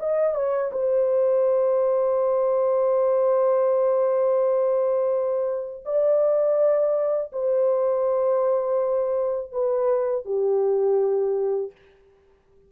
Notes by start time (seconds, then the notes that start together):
0.00 D#5
0.35 C#5
0.73 C5
5.86 D5
7.33 C5
9.53 B4
10.26 G4